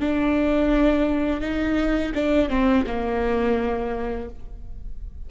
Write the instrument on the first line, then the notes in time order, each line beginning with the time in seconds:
viola
0.00 D4
1.41 D#4
2.14 D4
2.49 C4
2.86 A#3